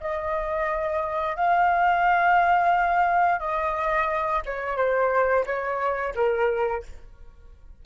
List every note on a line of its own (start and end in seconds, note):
0.00 1.35 D#5
1.35 3.39 F5
3.39 4.42 D#5
4.45 4.76 C#5
4.76 5.45 C5
5.45 6.14 C#5
6.15 6.83 A#4